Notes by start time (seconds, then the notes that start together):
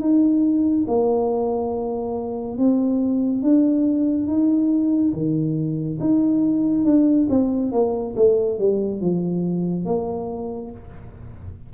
0.00 D#4
0.88 A#3
2.58 C4
3.43 D4
4.27 D#4
5.14 D#3
6.00 D#4
6.85 D4
7.30 C4
7.72 A#3
8.16 A3
8.59 G3
9.01 F3
9.85 A#3